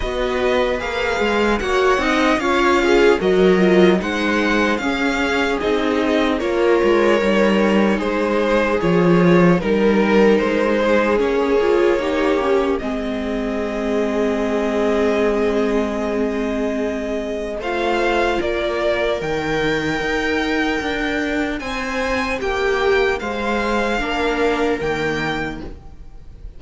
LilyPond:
<<
  \new Staff \with { instrumentName = "violin" } { \time 4/4 \tempo 4 = 75 dis''4 f''4 fis''4 f''4 | dis''4 fis''4 f''4 dis''4 | cis''2 c''4 cis''4 | ais'4 c''4 cis''2 |
dis''1~ | dis''2 f''4 d''4 | g''2. gis''4 | g''4 f''2 g''4 | }
  \new Staff \with { instrumentName = "viola" } { \time 4/4 b'2 cis''8 dis''8 cis''8 gis'8 | ais'4 c''4 gis'2 | ais'2 gis'2 | ais'4. gis'4. g'4 |
gis'1~ | gis'2 c''4 ais'4~ | ais'2. c''4 | g'4 c''4 ais'2 | }
  \new Staff \with { instrumentName = "viola" } { \time 4/4 fis'4 gis'4 fis'8 dis'8 f'4 | fis'8 f'8 dis'4 cis'4 dis'4 | f'4 dis'2 f'4 | dis'2 cis'8 f'8 dis'8 cis'8 |
c'1~ | c'2 f'2 | dis'1~ | dis'2 d'4 ais4 | }
  \new Staff \with { instrumentName = "cello" } { \time 4/4 b4 ais8 gis8 ais8 c'8 cis'4 | fis4 gis4 cis'4 c'4 | ais8 gis8 g4 gis4 f4 | g4 gis4 ais2 |
gis1~ | gis2 a4 ais4 | dis4 dis'4 d'4 c'4 | ais4 gis4 ais4 dis4 | }
>>